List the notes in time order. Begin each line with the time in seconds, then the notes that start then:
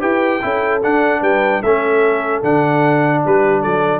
0.00 E4 G4 B4 G5
0.41 C#4 E4 A4
0.83 D4 F#5
1.21 G3 B4 G5
1.61 A3 C#4 A4 E5
2.43 D3 D4 F#5
3.24 G3 G4 B4
3.61 F#3 A4 D5